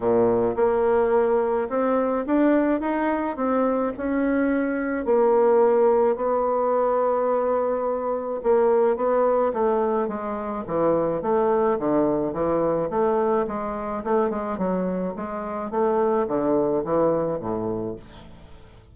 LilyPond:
\new Staff \with { instrumentName = "bassoon" } { \time 4/4 \tempo 4 = 107 ais,4 ais2 c'4 | d'4 dis'4 c'4 cis'4~ | cis'4 ais2 b4~ | b2. ais4 |
b4 a4 gis4 e4 | a4 d4 e4 a4 | gis4 a8 gis8 fis4 gis4 | a4 d4 e4 a,4 | }